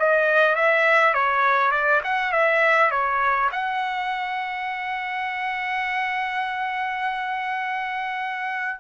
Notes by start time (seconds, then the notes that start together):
0.00 D#5
0.56 E5
1.14 C#5
1.72 D5
2.05 F#5
2.33 E5
2.91 C#5
3.52 F#5